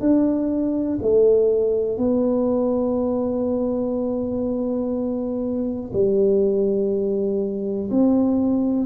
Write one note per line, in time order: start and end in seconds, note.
0.00 0.98 D4
1.01 1.97 A3
1.97 5.91 B3
5.93 7.90 G3
7.90 8.86 C4